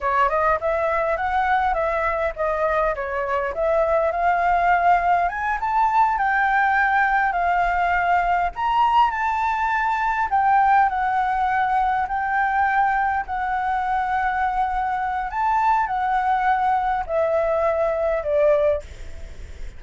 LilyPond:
\new Staff \with { instrumentName = "flute" } { \time 4/4 \tempo 4 = 102 cis''8 dis''8 e''4 fis''4 e''4 | dis''4 cis''4 e''4 f''4~ | f''4 gis''8 a''4 g''4.~ | g''8 f''2 ais''4 a''8~ |
a''4. g''4 fis''4.~ | fis''8 g''2 fis''4.~ | fis''2 a''4 fis''4~ | fis''4 e''2 d''4 | }